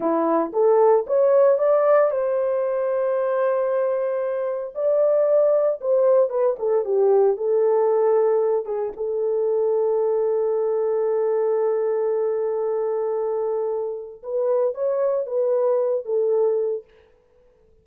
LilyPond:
\new Staff \with { instrumentName = "horn" } { \time 4/4 \tempo 4 = 114 e'4 a'4 cis''4 d''4 | c''1~ | c''4 d''2 c''4 | b'8 a'8 g'4 a'2~ |
a'8 gis'8 a'2.~ | a'1~ | a'2. b'4 | cis''4 b'4. a'4. | }